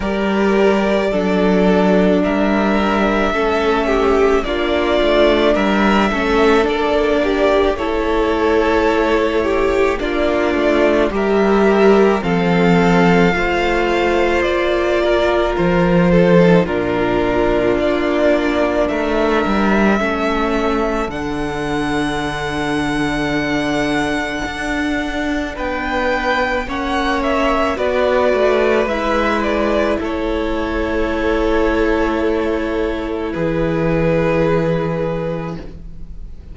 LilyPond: <<
  \new Staff \with { instrumentName = "violin" } { \time 4/4 \tempo 4 = 54 d''2 e''2 | d''4 e''4 d''4 cis''4~ | cis''4 d''4 e''4 f''4~ | f''4 d''4 c''4 ais'4 |
d''4 e''2 fis''4~ | fis''2. g''4 | fis''8 e''8 d''4 e''8 d''8 cis''4~ | cis''2 b'2 | }
  \new Staff \with { instrumentName = "violin" } { \time 4/4 ais'4 a'4 ais'4 a'8 g'8 | f'4 ais'8 a'4 g'8 a'4~ | a'8 g'8 f'4 ais'4 a'4 | c''4. ais'4 a'8 f'4~ |
f'4 ais'4 a'2~ | a'2. b'4 | cis''4 b'2 a'4~ | a'2 gis'2 | }
  \new Staff \with { instrumentName = "viola" } { \time 4/4 g'4 d'2 cis'4 | d'4. cis'8 d'4 e'4~ | e'4 d'4 g'4 c'4 | f'2~ f'8. dis'16 d'4~ |
d'2 cis'4 d'4~ | d'1 | cis'4 fis'4 e'2~ | e'1 | }
  \new Staff \with { instrumentName = "cello" } { \time 4/4 g4 fis4 g4 a4 | ais8 a8 g8 a8 ais4 a4~ | a4 ais8 a8 g4 f4 | a4 ais4 f4 ais,4 |
ais4 a8 g8 a4 d4~ | d2 d'4 b4 | ais4 b8 a8 gis4 a4~ | a2 e2 | }
>>